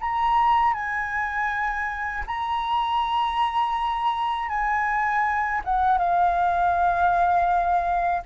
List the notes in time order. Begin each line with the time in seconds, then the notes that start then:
0.00 A#5
0.73 G#5
2.26 A#5
4.48 G#5
5.64 F#5
5.97 F5